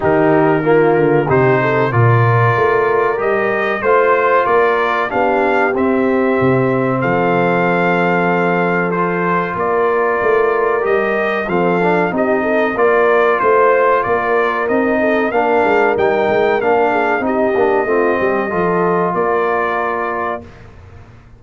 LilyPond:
<<
  \new Staff \with { instrumentName = "trumpet" } { \time 4/4 \tempo 4 = 94 ais'2 c''4 d''4~ | d''4 dis''4 c''4 d''4 | f''4 e''2 f''4~ | f''2 c''4 d''4~ |
d''4 dis''4 f''4 dis''4 | d''4 c''4 d''4 dis''4 | f''4 g''4 f''4 dis''4~ | dis''2 d''2 | }
  \new Staff \with { instrumentName = "horn" } { \time 4/4 g'4 f'4 g'8 a'8 ais'4~ | ais'2 c''4 ais'4 | g'2. a'4~ | a'2. ais'4~ |
ais'2 a'4 g'8 a'8 | ais'4 c''4 ais'4. a'8 | ais'2~ ais'8 gis'8 g'4 | f'8 g'8 a'4 ais'2 | }
  \new Staff \with { instrumentName = "trombone" } { \time 4/4 dis'4 ais4 dis'4 f'4~ | f'4 g'4 f'2 | d'4 c'2.~ | c'2 f'2~ |
f'4 g'4 c'8 d'8 dis'4 | f'2. dis'4 | d'4 dis'4 d'4 dis'8 d'8 | c'4 f'2. | }
  \new Staff \with { instrumentName = "tuba" } { \time 4/4 dis4. d8 c4 ais,4 | a4 g4 a4 ais4 | b4 c'4 c4 f4~ | f2. ais4 |
a4 g4 f4 c'4 | ais4 a4 ais4 c'4 | ais8 gis8 g8 gis8 ais4 c'8 ais8 | a8 g8 f4 ais2 | }
>>